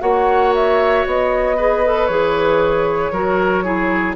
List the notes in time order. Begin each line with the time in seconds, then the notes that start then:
0.00 A#3 F#4 C#5 F#5
0.55 E5
1.06 B3 D#5
1.56 G#4 B4
1.85 A4
2.07 E3 G#4 C#5
3.11 F#3 F#4 A#4
3.64 E4 G#4